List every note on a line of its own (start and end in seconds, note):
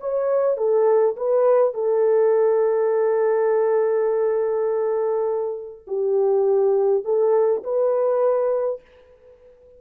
0.00 0.57 C#5
0.57 1.16 A4
1.17 1.74 B4
1.74 5.86 A4
5.87 7.04 G4
7.04 7.63 A4
7.64 8.81 B4